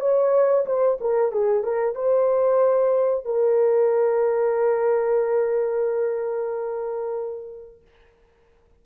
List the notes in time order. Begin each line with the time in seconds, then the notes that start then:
0.00 C#5
0.65 C5
1.00 A#4
1.32 G#4
1.63 A#4
1.95 C5
3.25 A#4